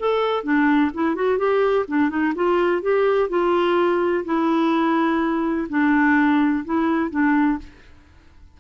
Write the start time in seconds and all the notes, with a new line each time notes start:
0.00 A4
0.44 D4
0.94 E4
1.16 F#4
1.39 G4
1.89 D4
2.10 D#4
2.36 F4
2.82 G4
3.29 F4
4.25 E4
5.69 D4
6.65 E4
7.11 D4